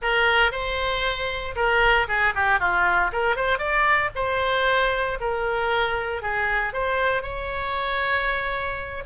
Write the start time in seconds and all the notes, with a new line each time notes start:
0.01 A#4
0.51 C5
1.55 A#4
2.08 G#4
2.34 G4
2.59 F4
3.12 A#4
3.36 C5
3.58 D5
4.15 C5
5.20 A#4
6.22 G#4
6.73 C5
7.22 C#5